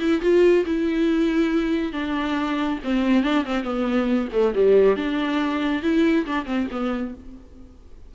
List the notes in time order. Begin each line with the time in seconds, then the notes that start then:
0.00 E4
0.22 F4
0.66 E4
1.93 D4
2.84 C4
3.24 D4
3.46 C4
3.64 B3
4.33 A3
4.55 G3
4.97 D4
5.83 E4
6.26 D4
6.46 C4
6.71 B3